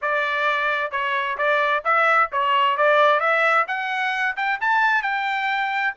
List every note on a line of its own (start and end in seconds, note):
0.01 0.91 D5
0.91 1.37 C#5
1.37 1.83 D5
1.84 2.30 E5
2.32 2.77 C#5
2.77 3.20 D5
3.20 3.65 E5
3.67 4.36 F#5
4.36 4.59 G5
4.61 5.02 A5
5.02 5.94 G5